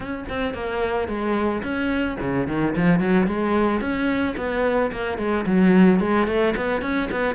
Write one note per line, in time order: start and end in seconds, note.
0.00 0.24 C#4
0.29 0.54 C4
0.54 1.08 A#3
1.08 1.62 G#3
1.62 2.17 C#4
2.20 2.47 C#3
2.47 2.74 D#3
2.75 2.99 F3
2.99 3.26 F#3
3.26 3.80 G#3
3.80 4.35 C#4
4.36 4.91 B3
4.91 5.18 A#3
5.18 5.45 G#3
5.46 6.00 F#3
6.00 6.27 G#3
6.27 6.54 A3
6.56 6.81 B3
6.81 7.09 C#4
7.11 7.35 B3